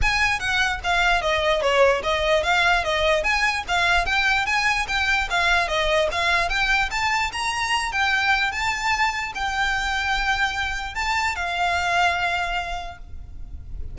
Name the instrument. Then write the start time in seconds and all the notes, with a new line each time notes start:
violin
0.01 G#5
0.39 F#5
0.83 F5
1.21 D#5
1.61 C#5
2.03 D#5
2.43 F5
2.83 D#5
3.23 G#5
3.68 F5
4.05 G5
4.46 G#5
4.88 G5
5.29 F5
5.68 D#5
6.11 F5
6.49 G5
6.90 A5
7.32 A#5
7.92 G5
8.51 A5
9.34 G5
10.95 A5
11.35 F5